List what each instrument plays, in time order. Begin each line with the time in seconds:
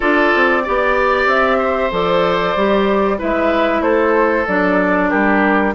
0.00 bassoon D4, clarinet F4, oboe A4, flute D5
0.34 bassoon C4
0.63 bassoon B3, clarinet G4, oboe D5
1.26 bassoon C4, flute E5
1.57 oboe C5
1.91 bassoon F3, clarinet A4, flute D5
2.55 bassoon G3, clarinet G4
3.17 bassoon G#3, clarinet E4, oboe B4, flute E5
3.81 bassoon A3, oboe A4, flute C5
4.46 bassoon F#3, clarinet D4, flute D5
5.09 bassoon G3, oboe G4, flute A#4